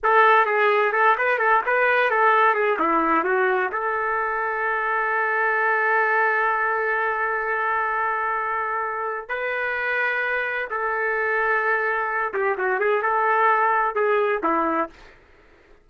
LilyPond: \new Staff \with { instrumentName = "trumpet" } { \time 4/4 \tempo 4 = 129 a'4 gis'4 a'8 b'8 a'8 b'8~ | b'8 a'4 gis'8 e'4 fis'4 | a'1~ | a'1~ |
a'1 | b'2. a'4~ | a'2~ a'8 g'8 fis'8 gis'8 | a'2 gis'4 e'4 | }